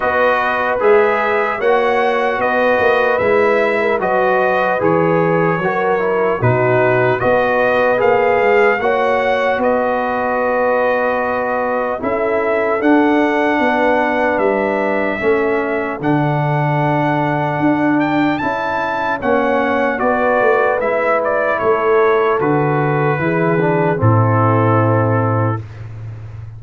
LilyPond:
<<
  \new Staff \with { instrumentName = "trumpet" } { \time 4/4 \tempo 4 = 75 dis''4 e''4 fis''4 dis''4 | e''4 dis''4 cis''2 | b'4 dis''4 f''4 fis''4 | dis''2. e''4 |
fis''2 e''2 | fis''2~ fis''8 g''8 a''4 | fis''4 d''4 e''8 d''8 cis''4 | b'2 a'2 | }
  \new Staff \with { instrumentName = "horn" } { \time 4/4 b'2 cis''4 b'4~ | b'8. ais'16 b'2 ais'4 | fis'4 b'2 cis''4 | b'2. a'4~ |
a'4 b'2 a'4~ | a'1 | cis''4 b'2 a'4~ | a'4 gis'4 e'2 | }
  \new Staff \with { instrumentName = "trombone" } { \time 4/4 fis'4 gis'4 fis'2 | e'4 fis'4 gis'4 fis'8 e'8 | dis'4 fis'4 gis'4 fis'4~ | fis'2. e'4 |
d'2. cis'4 | d'2. e'4 | cis'4 fis'4 e'2 | fis'4 e'8 d'8 c'2 | }
  \new Staff \with { instrumentName = "tuba" } { \time 4/4 b4 gis4 ais4 b8 ais8 | gis4 fis4 e4 fis4 | b,4 b4 ais8 gis8 ais4 | b2. cis'4 |
d'4 b4 g4 a4 | d2 d'4 cis'4 | ais4 b8 a8 gis4 a4 | d4 e4 a,2 | }
>>